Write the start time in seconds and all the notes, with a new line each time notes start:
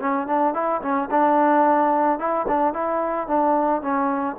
0.00 C#4
0.27 D4
0.54 E4
0.82 C#4
1.11 D4
2.19 E4
2.48 D4
2.73 E4
3.27 D4
3.82 C#4